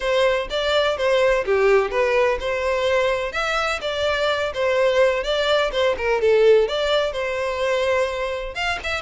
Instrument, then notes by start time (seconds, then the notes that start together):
violin
0.00 C5
0.50 D5
0.97 C5
1.45 G4
1.90 B4
2.40 C5
3.32 E5
3.81 D5
4.54 C5
5.23 D5
5.71 C5
5.97 A#4
6.21 A4
6.68 D5
7.12 C5
8.55 F5
8.83 E5